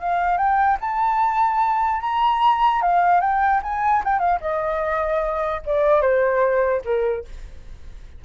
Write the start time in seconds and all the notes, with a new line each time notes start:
0.00 F5
0.37 G5
0.80 A5
2.01 A#5
2.82 F5
3.20 G5
3.62 G#5
4.04 G5
4.19 F5
4.41 D#5
5.65 D5
6.01 C5
6.84 A#4